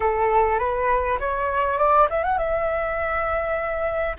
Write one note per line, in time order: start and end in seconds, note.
0.00 0.59 A4
0.59 1.18 B4
1.19 1.78 C#5
1.78 2.07 D5
2.10 2.23 E5
2.23 2.38 F#5
2.38 4.16 E5